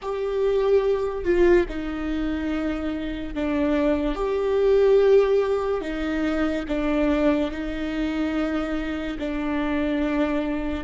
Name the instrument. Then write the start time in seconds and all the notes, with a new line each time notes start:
viola
0.02 G4
1.24 F4
1.69 D#4
3.34 D4
4.15 G4
5.81 D#4
6.68 D4
7.51 D#4
9.19 D4